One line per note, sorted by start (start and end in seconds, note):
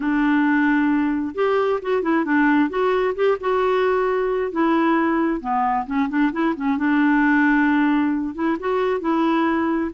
0.00 1.34 D4
1.34 1.79 G4
1.81 2.02 F#4
2.02 2.25 E4
2.25 2.69 D4
2.69 3.14 F#4
3.15 3.37 G4
3.40 4.51 F#4
4.51 5.41 E4
5.41 5.86 B3
5.86 6.08 C#4
6.09 6.31 D4
6.32 6.54 E4
6.56 6.77 C#4
6.77 8.34 D4
8.34 8.57 E4
8.59 9.00 F#4
9.00 9.90 E4